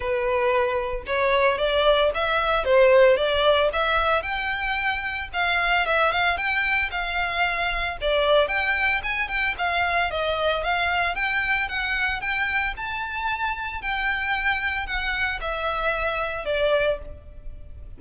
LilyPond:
\new Staff \with { instrumentName = "violin" } { \time 4/4 \tempo 4 = 113 b'2 cis''4 d''4 | e''4 c''4 d''4 e''4 | g''2 f''4 e''8 f''8 | g''4 f''2 d''4 |
g''4 gis''8 g''8 f''4 dis''4 | f''4 g''4 fis''4 g''4 | a''2 g''2 | fis''4 e''2 d''4 | }